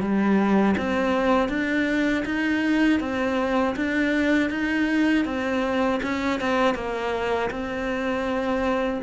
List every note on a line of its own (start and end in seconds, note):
0.00 0.75 G3
0.77 1.48 C4
1.48 2.23 D4
2.25 3.00 D#4
3.00 3.75 C4
3.75 4.50 D4
4.50 5.25 D#4
5.25 6.00 C4
6.02 6.40 C#4
6.40 6.75 C4
6.75 7.50 A#3
7.50 9.00 C4